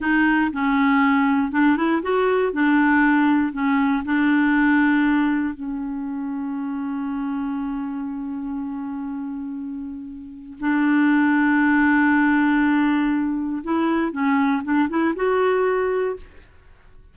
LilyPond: \new Staff \with { instrumentName = "clarinet" } { \time 4/4 \tempo 4 = 119 dis'4 cis'2 d'8 e'8 | fis'4 d'2 cis'4 | d'2. cis'4~ | cis'1~ |
cis'1~ | cis'4 d'2.~ | d'2. e'4 | cis'4 d'8 e'8 fis'2 | }